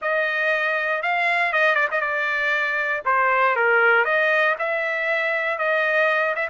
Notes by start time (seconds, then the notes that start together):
0.01 D#5
1.02 F5
1.52 D#5
1.75 D5
1.91 D#5
2.00 D5
3.05 C5
3.55 A#4
4.04 D#5
4.59 E5
5.58 D#5
6.35 E5